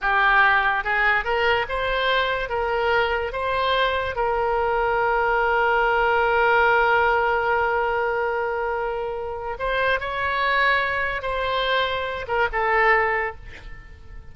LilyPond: \new Staff \with { instrumentName = "oboe" } { \time 4/4 \tempo 4 = 144 g'2 gis'4 ais'4 | c''2 ais'2 | c''2 ais'2~ | ais'1~ |
ais'1~ | ais'2. c''4 | cis''2. c''4~ | c''4. ais'8 a'2 | }